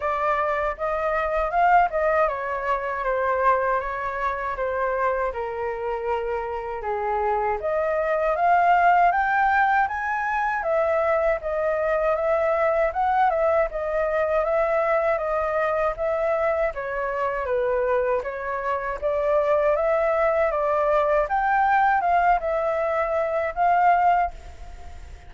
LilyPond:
\new Staff \with { instrumentName = "flute" } { \time 4/4 \tempo 4 = 79 d''4 dis''4 f''8 dis''8 cis''4 | c''4 cis''4 c''4 ais'4~ | ais'4 gis'4 dis''4 f''4 | g''4 gis''4 e''4 dis''4 |
e''4 fis''8 e''8 dis''4 e''4 | dis''4 e''4 cis''4 b'4 | cis''4 d''4 e''4 d''4 | g''4 f''8 e''4. f''4 | }